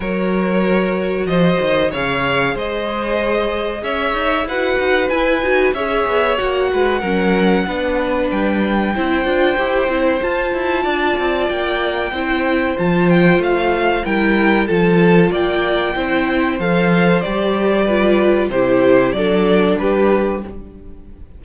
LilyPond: <<
  \new Staff \with { instrumentName = "violin" } { \time 4/4 \tempo 4 = 94 cis''2 dis''4 f''4 | dis''2 e''4 fis''4 | gis''4 e''4 fis''2~ | fis''4 g''2. |
a''2 g''2 | a''8 g''8 f''4 g''4 a''4 | g''2 f''4 d''4~ | d''4 c''4 d''4 b'4 | }
  \new Staff \with { instrumentName = "violin" } { \time 4/4 ais'2 c''4 cis''4 | c''2 cis''4 b'4~ | b'4 cis''4. b'8 ais'4 | b'2 c''2~ |
c''4 d''2 c''4~ | c''2 ais'4 a'4 | d''4 c''2. | b'4 g'4 a'4 g'4 | }
  \new Staff \with { instrumentName = "viola" } { \time 4/4 fis'2. gis'4~ | gis'2. fis'4 | e'8 fis'8 gis'4 fis'4 cis'4 | d'2 e'8 f'8 g'8 e'8 |
f'2. e'4 | f'2 e'4 f'4~ | f'4 e'4 a'4 g'4 | f'4 e'4 d'2 | }
  \new Staff \with { instrumentName = "cello" } { \time 4/4 fis2 f8 dis8 cis4 | gis2 cis'8 dis'8 e'8 dis'8 | e'8 dis'8 cis'8 b8 ais8 gis8 fis4 | b4 g4 c'8 d'8 e'8 c'8 |
f'8 e'8 d'8 c'8 ais4 c'4 | f4 a4 g4 f4 | ais4 c'4 f4 g4~ | g4 c4 fis4 g4 | }
>>